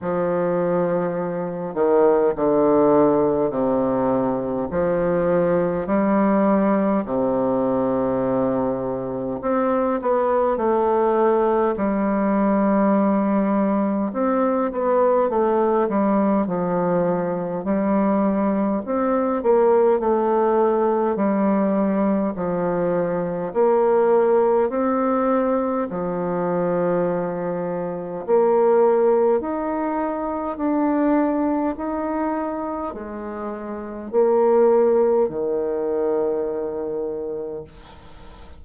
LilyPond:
\new Staff \with { instrumentName = "bassoon" } { \time 4/4 \tempo 4 = 51 f4. dis8 d4 c4 | f4 g4 c2 | c'8 b8 a4 g2 | c'8 b8 a8 g8 f4 g4 |
c'8 ais8 a4 g4 f4 | ais4 c'4 f2 | ais4 dis'4 d'4 dis'4 | gis4 ais4 dis2 | }